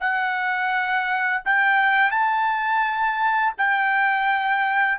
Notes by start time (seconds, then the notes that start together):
0.00 F#5
1.45 G5
2.11 A5
3.57 G5